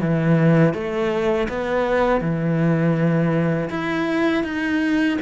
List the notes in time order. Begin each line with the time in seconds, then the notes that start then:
0.00 E3
0.74 A3
1.48 B3
2.21 E3
3.70 E4
4.44 D#4